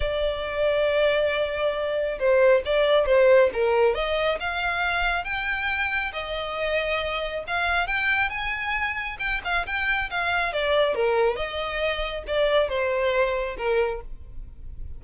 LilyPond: \new Staff \with { instrumentName = "violin" } { \time 4/4 \tempo 4 = 137 d''1~ | d''4 c''4 d''4 c''4 | ais'4 dis''4 f''2 | g''2 dis''2~ |
dis''4 f''4 g''4 gis''4~ | gis''4 g''8 f''8 g''4 f''4 | d''4 ais'4 dis''2 | d''4 c''2 ais'4 | }